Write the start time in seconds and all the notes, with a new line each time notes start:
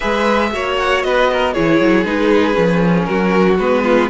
0.00 G#3 G#4 B4 E5
0.52 A#3 F#4 C#5
0.77 F#5
1.02 B3 B4 D#5
1.32 A#4
1.53 E3 E4 G#4 C#5
1.80 F#3
2.04 G#3 D#4 B4
2.53 F3 C#4
3.04 F#3 F#4 A#4
3.58 G#3 B3 B4
3.83 F4